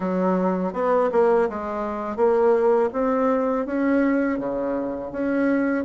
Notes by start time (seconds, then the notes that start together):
0.00 F#3
0.73 B3
1.12 A#3
1.49 G#3
2.16 A#3
2.92 C4
3.66 C#4
4.38 C#3
5.12 C#4